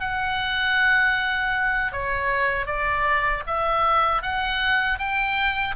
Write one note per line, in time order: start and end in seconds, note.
0.00 1.92 F#5
1.92 2.66 C#5
2.66 3.43 D5
3.46 4.22 E5
4.22 4.98 F#5
4.98 5.75 G5